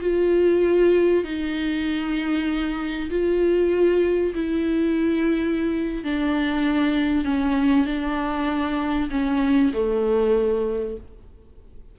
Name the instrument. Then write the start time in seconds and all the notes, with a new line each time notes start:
viola
0.00 F4
1.24 D#4
3.10 F4
4.34 E4
6.04 D4
7.24 C#4
7.86 D4
9.10 C#4
9.73 A3